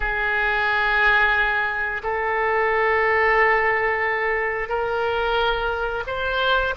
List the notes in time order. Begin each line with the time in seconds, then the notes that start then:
0.00 G#4
2.03 A4
4.69 A#4
6.06 C5